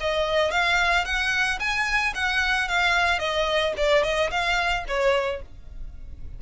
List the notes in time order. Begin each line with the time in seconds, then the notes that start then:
0.00 D#5
0.51 F5
1.05 F#5
1.59 G#5
2.14 F#5
2.68 F5
3.19 D#5
3.77 D5
4.03 D#5
4.30 F5
4.87 C#5